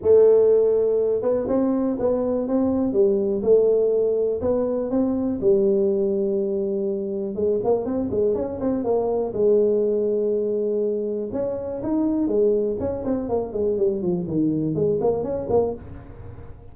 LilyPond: \new Staff \with { instrumentName = "tuba" } { \time 4/4 \tempo 4 = 122 a2~ a8 b8 c'4 | b4 c'4 g4 a4~ | a4 b4 c'4 g4~ | g2. gis8 ais8 |
c'8 gis8 cis'8 c'8 ais4 gis4~ | gis2. cis'4 | dis'4 gis4 cis'8 c'8 ais8 gis8 | g8 f8 dis4 gis8 ais8 cis'8 ais8 | }